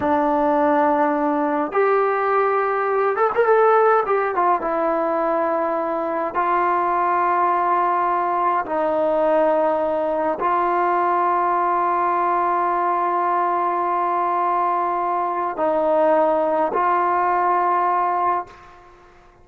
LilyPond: \new Staff \with { instrumentName = "trombone" } { \time 4/4 \tempo 4 = 104 d'2. g'4~ | g'4. a'16 ais'16 a'4 g'8 f'8 | e'2. f'4~ | f'2. dis'4~ |
dis'2 f'2~ | f'1~ | f'2. dis'4~ | dis'4 f'2. | }